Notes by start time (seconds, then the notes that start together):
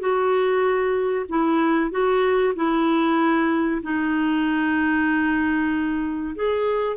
0.00 F#4
1.29 E4
1.91 F#4
2.56 E4
3.83 D#4
6.36 G#4